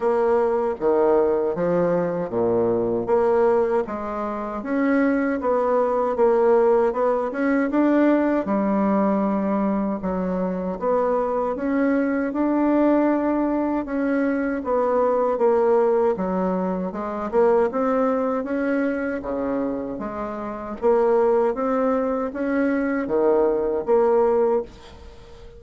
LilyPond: \new Staff \with { instrumentName = "bassoon" } { \time 4/4 \tempo 4 = 78 ais4 dis4 f4 ais,4 | ais4 gis4 cis'4 b4 | ais4 b8 cis'8 d'4 g4~ | g4 fis4 b4 cis'4 |
d'2 cis'4 b4 | ais4 fis4 gis8 ais8 c'4 | cis'4 cis4 gis4 ais4 | c'4 cis'4 dis4 ais4 | }